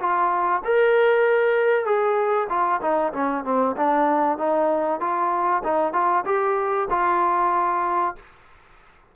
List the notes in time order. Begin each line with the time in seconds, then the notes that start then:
0.00 F4
0.65 A#4
1.86 G#4
2.49 F4
2.82 D#4
3.13 C#4
3.45 C4
3.77 D4
4.38 D#4
5.01 F4
5.64 D#4
5.93 F4
6.26 G4
6.91 F4